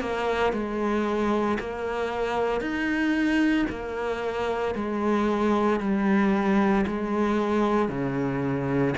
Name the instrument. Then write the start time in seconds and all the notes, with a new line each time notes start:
cello
0.00 A#3
0.53 G#3
1.59 A#3
2.61 D#4
3.70 A#3
4.75 G#3
5.80 G3
6.87 G#3
7.89 C#3